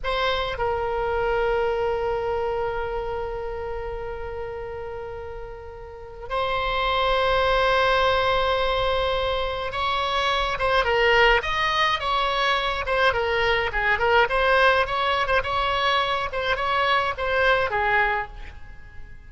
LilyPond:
\new Staff \with { instrumentName = "oboe" } { \time 4/4 \tempo 4 = 105 c''4 ais'2.~ | ais'1~ | ais'2. c''4~ | c''1~ |
c''4 cis''4. c''8 ais'4 | dis''4 cis''4. c''8 ais'4 | gis'8 ais'8 c''4 cis''8. c''16 cis''4~ | cis''8 c''8 cis''4 c''4 gis'4 | }